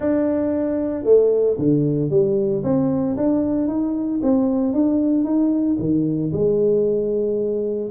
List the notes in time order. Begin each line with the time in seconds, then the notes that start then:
0.00 D4
1.04 A3
1.58 D3
2.10 G3
2.63 C4
3.16 D4
3.67 D#4
4.22 C4
4.73 D4
5.24 D#4
5.79 D#3
6.33 G#3